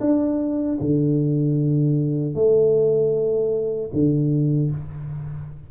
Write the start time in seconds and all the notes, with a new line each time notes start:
0.00 D4
0.80 D3
2.34 A3
3.93 D3